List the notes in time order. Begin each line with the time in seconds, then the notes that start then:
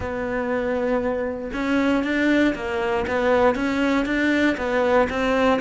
0.00 B3
1.53 C#4
2.03 D4
2.55 A#3
3.07 B3
3.55 C#4
4.05 D4
4.57 B3
5.09 C4